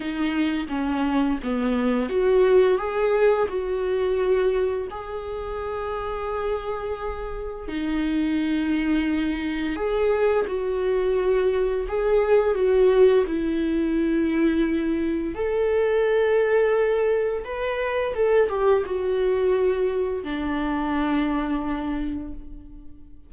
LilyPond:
\new Staff \with { instrumentName = "viola" } { \time 4/4 \tempo 4 = 86 dis'4 cis'4 b4 fis'4 | gis'4 fis'2 gis'4~ | gis'2. dis'4~ | dis'2 gis'4 fis'4~ |
fis'4 gis'4 fis'4 e'4~ | e'2 a'2~ | a'4 b'4 a'8 g'8 fis'4~ | fis'4 d'2. | }